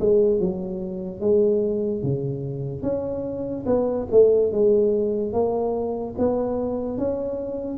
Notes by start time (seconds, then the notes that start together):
0.00 G#3
0.40 F#3
1.21 G#3
2.03 C#3
2.83 C#4
3.66 B3
4.11 A3
4.52 G#3
5.33 A#3
6.18 B3
6.98 C#4